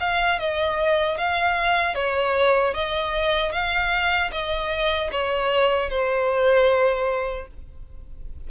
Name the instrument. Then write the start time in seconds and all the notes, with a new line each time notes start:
violin
0.00 F5
0.39 D#5
1.17 F5
1.95 C#5
2.74 D#5
3.52 F5
4.31 D#5
5.11 C#5
5.89 C5